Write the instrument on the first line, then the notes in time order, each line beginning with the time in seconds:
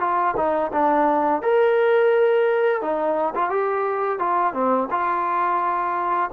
trombone
0.00 F4
0.37 D#4
0.73 D4
1.42 A#4
2.82 D#4
3.35 F4
3.50 G4
4.19 F4
4.53 C4
4.91 F4